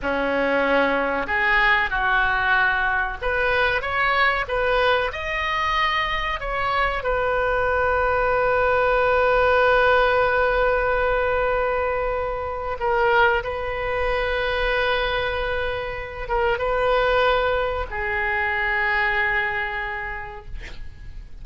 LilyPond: \new Staff \with { instrumentName = "oboe" } { \time 4/4 \tempo 4 = 94 cis'2 gis'4 fis'4~ | fis'4 b'4 cis''4 b'4 | dis''2 cis''4 b'4~ | b'1~ |
b'1 | ais'4 b'2.~ | b'4. ais'8 b'2 | gis'1 | }